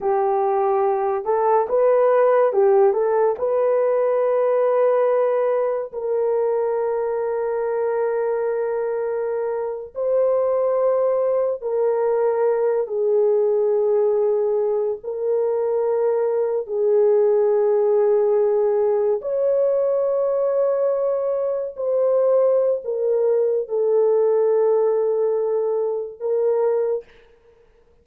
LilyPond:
\new Staff \with { instrumentName = "horn" } { \time 4/4 \tempo 4 = 71 g'4. a'8 b'4 g'8 a'8 | b'2. ais'4~ | ais'2.~ ais'8. c''16~ | c''4.~ c''16 ais'4. gis'8.~ |
gis'4.~ gis'16 ais'2 gis'16~ | gis'2~ gis'8. cis''4~ cis''16~ | cis''4.~ cis''16 c''4~ c''16 ais'4 | a'2. ais'4 | }